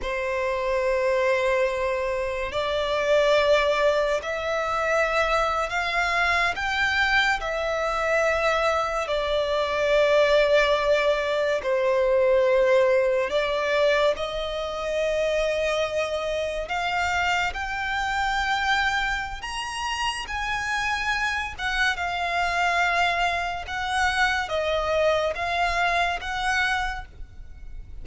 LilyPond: \new Staff \with { instrumentName = "violin" } { \time 4/4 \tempo 4 = 71 c''2. d''4~ | d''4 e''4.~ e''16 f''4 g''16~ | g''8. e''2 d''4~ d''16~ | d''4.~ d''16 c''2 d''16~ |
d''8. dis''2. f''16~ | f''8. g''2~ g''16 ais''4 | gis''4. fis''8 f''2 | fis''4 dis''4 f''4 fis''4 | }